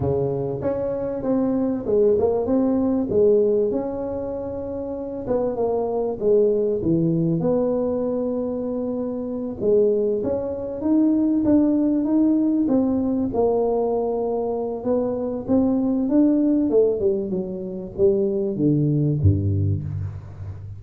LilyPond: \new Staff \with { instrumentName = "tuba" } { \time 4/4 \tempo 4 = 97 cis4 cis'4 c'4 gis8 ais8 | c'4 gis4 cis'2~ | cis'8 b8 ais4 gis4 e4 | b2.~ b8 gis8~ |
gis8 cis'4 dis'4 d'4 dis'8~ | dis'8 c'4 ais2~ ais8 | b4 c'4 d'4 a8 g8 | fis4 g4 d4 g,4 | }